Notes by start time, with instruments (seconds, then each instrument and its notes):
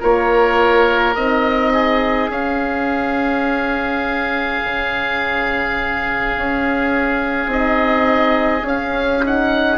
0.00 bassoon A#3, horn F4, oboe A#4 C#5
1.15 bassoon C4, horn D#4, oboe D#5
1.74 oboe G#4
2.29 bassoon C#4, horn C#4, oboe F5
4.64 bassoon C#3
6.37 bassoon C#4
7.47 bassoon C4, horn D#4, oboe D#5
8.63 bassoon C#4, horn C#4, oboe F5
9.25 horn D#4, oboe F#5